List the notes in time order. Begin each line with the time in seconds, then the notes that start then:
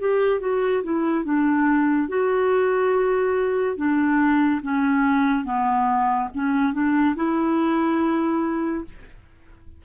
0.00 G4
0.40 F#4
0.83 E4
1.24 D4
2.09 F#4
3.77 D4
4.62 C#4
5.45 B3
6.35 C#4
6.73 D4
7.16 E4